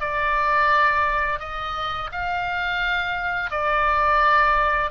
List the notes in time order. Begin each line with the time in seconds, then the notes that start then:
0.00 D5
1.39 D#5
2.12 F5
3.51 D5